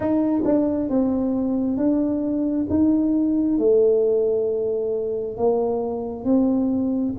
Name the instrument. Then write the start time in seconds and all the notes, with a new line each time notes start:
tuba
0.00 D#4
0.44 D4
0.89 C4
1.77 D4
2.69 D#4
3.58 A3
5.37 A#3
6.24 C4